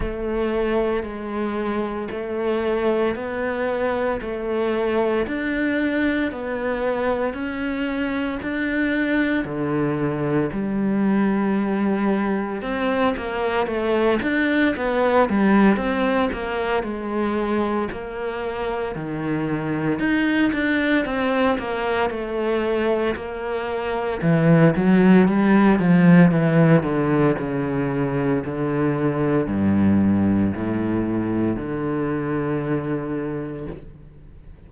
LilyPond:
\new Staff \with { instrumentName = "cello" } { \time 4/4 \tempo 4 = 57 a4 gis4 a4 b4 | a4 d'4 b4 cis'4 | d'4 d4 g2 | c'8 ais8 a8 d'8 b8 g8 c'8 ais8 |
gis4 ais4 dis4 dis'8 d'8 | c'8 ais8 a4 ais4 e8 fis8 | g8 f8 e8 d8 cis4 d4 | g,4 a,4 d2 | }